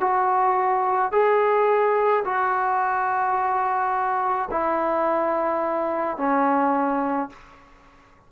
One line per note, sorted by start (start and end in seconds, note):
0.00 1.12 F#4
1.12 2.24 G#4
2.25 4.49 F#4
4.51 6.17 E4
6.17 7.29 C#4